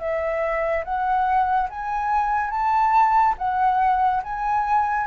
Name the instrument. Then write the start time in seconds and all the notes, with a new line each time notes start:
flute
0.00 E5
0.85 F#5
1.70 G#5
2.51 A5
3.38 F#5
4.24 G#5